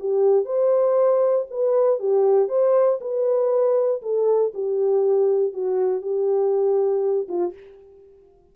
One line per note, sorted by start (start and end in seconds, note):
0.00 0.46 G4
0.46 1.46 C5
1.51 2.00 B4
2.00 2.49 G4
2.49 2.99 C5
3.01 4.02 B4
4.02 4.53 A4
4.54 5.53 G4
5.53 6.02 F#4
6.02 7.28 G4
7.29 7.54 F4